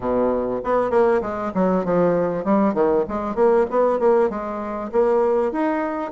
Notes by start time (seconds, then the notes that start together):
0.00 B2
0.64 B3
0.90 A#3
1.21 G#3
1.54 F#3
1.84 F3
2.44 G3
2.74 D#3
3.08 G#3
3.35 A#3
3.70 B3
3.99 A#3
4.29 G#3
4.91 A#3
5.52 D#4